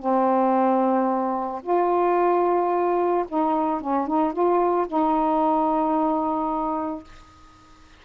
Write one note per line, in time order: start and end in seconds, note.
0.00 1.62 C4
1.63 3.26 F4
3.29 3.81 D#4
3.81 4.08 C#4
4.08 4.33 D#4
4.33 4.87 F4
4.88 7.04 D#4